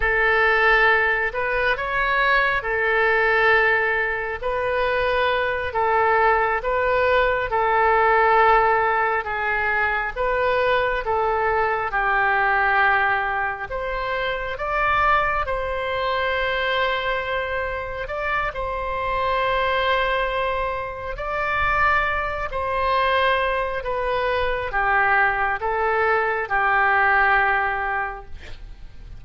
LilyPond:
\new Staff \with { instrumentName = "oboe" } { \time 4/4 \tempo 4 = 68 a'4. b'8 cis''4 a'4~ | a'4 b'4. a'4 b'8~ | b'8 a'2 gis'4 b'8~ | b'8 a'4 g'2 c''8~ |
c''8 d''4 c''2~ c''8~ | c''8 d''8 c''2. | d''4. c''4. b'4 | g'4 a'4 g'2 | }